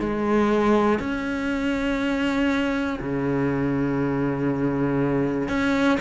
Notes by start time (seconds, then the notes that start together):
0.00 G#3
1.00 C#4
3.00 C#3
5.49 C#4